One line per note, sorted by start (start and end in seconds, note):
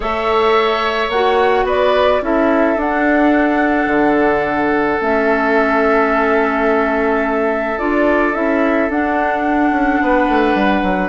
0.00 1.08 A3
0.00 1.09 A4
0.00 1.65 C#5
0.00 1.10 E5
1.08 1.64 A#3
1.08 2.22 F#4
1.08 1.66 F#5
1.64 2.19 B3
1.64 2.21 B4
1.64 2.23 D5
2.21 2.76 C#4
2.21 2.76 E4
2.21 10.02 A4
2.21 2.80 E5
2.76 3.86 D4
2.76 4.98 D4
2.76 5.02 F#5
3.86 4.98 D3
5.00 7.79 A3
5.00 7.77 C#4
5.00 7.78 E5
7.78 8.34 D4
7.78 8.33 F4
7.78 8.34 D5
8.33 8.89 C#4
8.33 8.89 E4
8.33 8.89 E5
8.89 9.71 D4
8.89 11.09 D4
8.89 11.09 F#5
9.71 9.99 C#4
10.01 10.28 B3
10.01 11.09 B4
10.28 10.54 A3
10.54 10.82 G3
10.83 11.09 F#3